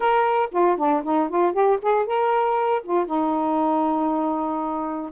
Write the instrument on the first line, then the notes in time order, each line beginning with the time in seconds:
saxophone
0.00 A#4
0.51 F4
0.77 D4
1.03 D#4
1.29 F4
1.52 G4
1.81 G#4
2.06 A#4
2.83 F4
3.06 D#4